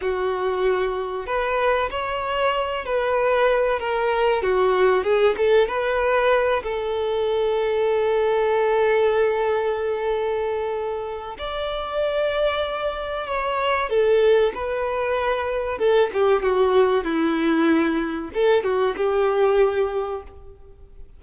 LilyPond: \new Staff \with { instrumentName = "violin" } { \time 4/4 \tempo 4 = 95 fis'2 b'4 cis''4~ | cis''8 b'4. ais'4 fis'4 | gis'8 a'8 b'4. a'4.~ | a'1~ |
a'2 d''2~ | d''4 cis''4 a'4 b'4~ | b'4 a'8 g'8 fis'4 e'4~ | e'4 a'8 fis'8 g'2 | }